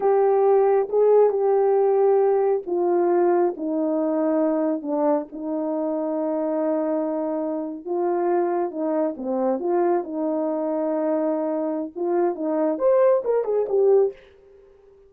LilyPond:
\new Staff \with { instrumentName = "horn" } { \time 4/4 \tempo 4 = 136 g'2 gis'4 g'4~ | g'2 f'2 | dis'2. d'4 | dis'1~ |
dis'4.~ dis'16 f'2 dis'16~ | dis'8. c'4 f'4 dis'4~ dis'16~ | dis'2. f'4 | dis'4 c''4 ais'8 gis'8 g'4 | }